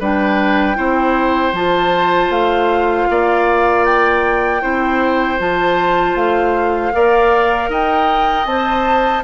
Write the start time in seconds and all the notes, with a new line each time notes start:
0.00 G3 D4 B4 G5
0.75 C4 E4 C5
1.53 F3 F4 A5
2.30 A3 F5
3.10 A#3 D5
3.85 G5
4.62 C4 E4 C5
5.39 F3 F4 A5
6.15 A3 F5
6.93 A#3 A#4 D5
7.69 D#4 D#5 G5
8.46 C4 C5 A5